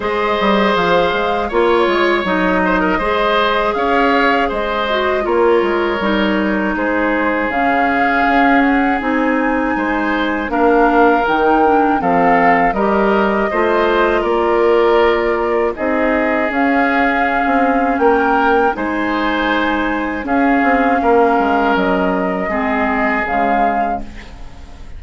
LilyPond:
<<
  \new Staff \with { instrumentName = "flute" } { \time 4/4 \tempo 4 = 80 dis''4 f''4 cis''4 dis''4~ | dis''4 f''4 dis''4 cis''4~ | cis''4 c''4 f''4. fis''8 | gis''2 f''4 g''4 |
f''4 dis''2 d''4~ | d''4 dis''4 f''2 | g''4 gis''2 f''4~ | f''4 dis''2 f''4 | }
  \new Staff \with { instrumentName = "oboe" } { \time 4/4 c''2 cis''4. c''16 ais'16 | c''4 cis''4 c''4 ais'4~ | ais'4 gis'2.~ | gis'4 c''4 ais'2 |
a'4 ais'4 c''4 ais'4~ | ais'4 gis'2. | ais'4 c''2 gis'4 | ais'2 gis'2 | }
  \new Staff \with { instrumentName = "clarinet" } { \time 4/4 gis'2 f'4 dis'4 | gis'2~ gis'8 fis'8 f'4 | dis'2 cis'2 | dis'2 d'4 dis'8 d'8 |
c'4 g'4 f'2~ | f'4 dis'4 cis'2~ | cis'4 dis'2 cis'4~ | cis'2 c'4 gis4 | }
  \new Staff \with { instrumentName = "bassoon" } { \time 4/4 gis8 g8 f8 gis8 ais8 gis8 fis4 | gis4 cis'4 gis4 ais8 gis8 | g4 gis4 cis4 cis'4 | c'4 gis4 ais4 dis4 |
f4 g4 a4 ais4~ | ais4 c'4 cis'4~ cis'16 c'8. | ais4 gis2 cis'8 c'8 | ais8 gis8 fis4 gis4 cis4 | }
>>